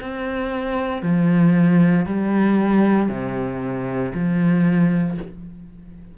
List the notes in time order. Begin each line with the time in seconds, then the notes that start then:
0.00 C4
1.02 F3
2.05 G3
3.08 C3
4.14 F3